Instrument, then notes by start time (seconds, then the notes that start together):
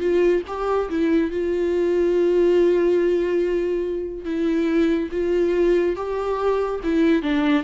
viola
0.00 F4
0.47 G4
0.90 E4
1.31 F4
4.25 E4
5.12 F4
5.96 G4
6.84 E4
7.23 D4